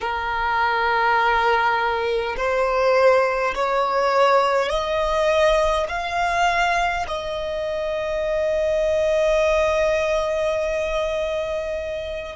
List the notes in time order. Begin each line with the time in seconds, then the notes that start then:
0.01 A#4
2.36 C5
3.55 C#5
4.69 D#5
5.88 F5
7.07 D#5